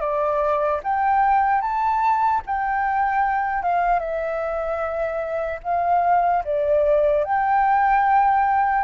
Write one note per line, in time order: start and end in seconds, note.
0.00 0.80 D5
0.83 1.61 G5
1.61 2.41 A5
2.46 3.62 G5
3.62 3.99 F5
3.99 5.59 E5
5.63 6.43 F5
6.44 7.24 D5
7.24 8.84 G5